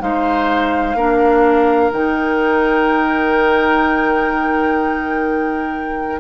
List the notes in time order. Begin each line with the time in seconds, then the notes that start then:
0.00 G#3 D#4 C5 F5
0.95 A#3 D4 A#4
1.92 D#3 D#4 G5